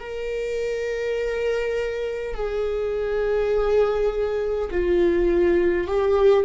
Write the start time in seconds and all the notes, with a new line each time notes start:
0.00 A#4
2.34 G#4
4.71 F4
5.88 G4